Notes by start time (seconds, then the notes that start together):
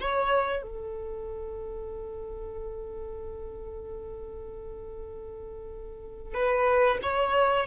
0.00 C#5
0.62 A4
6.34 B4
7.02 C#5